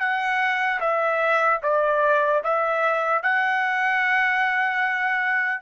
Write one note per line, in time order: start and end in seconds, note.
0.00 0.80 F#5
0.80 1.60 E5
1.63 2.43 D5
2.44 3.23 E5
3.23 5.61 F#5